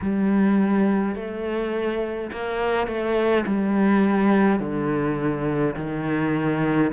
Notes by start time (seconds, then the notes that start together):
0.01 G3
1.15 A3
2.31 A#3
2.87 A3
3.46 G3
4.59 D3
5.76 D#3